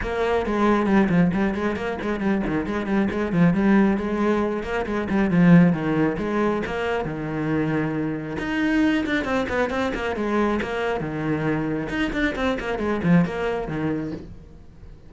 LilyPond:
\new Staff \with { instrumentName = "cello" } { \time 4/4 \tempo 4 = 136 ais4 gis4 g8 f8 g8 gis8 | ais8 gis8 g8 dis8 gis8 g8 gis8 f8 | g4 gis4. ais8 gis8 g8 | f4 dis4 gis4 ais4 |
dis2. dis'4~ | dis'8 d'8 c'8 b8 c'8 ais8 gis4 | ais4 dis2 dis'8 d'8 | c'8 ais8 gis8 f8 ais4 dis4 | }